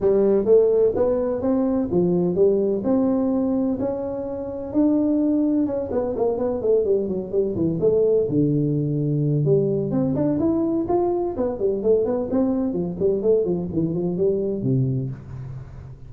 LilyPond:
\new Staff \with { instrumentName = "tuba" } { \time 4/4 \tempo 4 = 127 g4 a4 b4 c'4 | f4 g4 c'2 | cis'2 d'2 | cis'8 b8 ais8 b8 a8 g8 fis8 g8 |
e8 a4 d2~ d8 | g4 c'8 d'8 e'4 f'4 | b8 g8 a8 b8 c'4 f8 g8 | a8 f8 e8 f8 g4 c4 | }